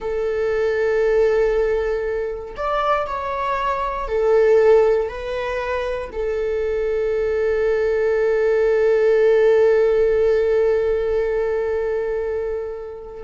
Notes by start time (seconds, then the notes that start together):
0.00 A4
2.56 D5
3.06 C#5
4.07 A4
5.08 B4
6.12 A4